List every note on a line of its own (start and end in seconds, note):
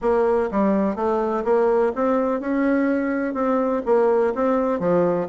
0.01 0.49 A#3
0.51 0.95 G3
0.95 1.43 A3
1.44 1.92 A#3
1.95 2.40 C4
2.40 3.34 C#4
3.34 3.82 C4
3.85 4.33 A#3
4.34 4.79 C4
4.79 5.27 F3